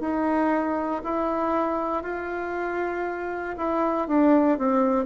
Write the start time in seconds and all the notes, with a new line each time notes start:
0.00 D#4
1.04 E4
2.02 F4
3.57 E4
4.07 D4
4.58 C4